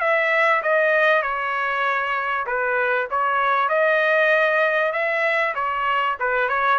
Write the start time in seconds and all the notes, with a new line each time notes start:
0.00 E5
0.62 D#5
1.22 C#5
2.47 B4
3.10 C#5
3.69 D#5
4.93 E5
5.54 C#5
6.19 B4
6.49 C#5